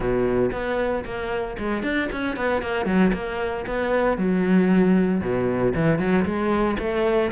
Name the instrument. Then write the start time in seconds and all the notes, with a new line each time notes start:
cello
0.00 B2
0.52 B3
1.04 A#3
1.58 G#3
1.82 D4
2.12 C#4
2.36 B3
2.62 A#3
2.85 F#3
3.13 A#3
3.66 B3
4.17 F#3
5.21 B2
5.74 E3
5.98 F#3
6.25 G#3
6.78 A3